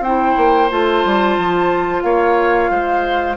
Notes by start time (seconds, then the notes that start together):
0.00 C4 E4 C5 G5
0.37 A#3
0.70 A3 F4 A5
1.05 G3
1.38 F3
2.02 A#3 C#5 F5
2.70 G#3 C5